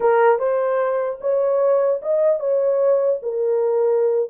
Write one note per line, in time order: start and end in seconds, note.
0.00 0.38 A#4
0.38 1.18 C5
1.20 2.00 C#5
2.01 2.39 D#5
2.39 3.19 C#5
3.22 4.30 A#4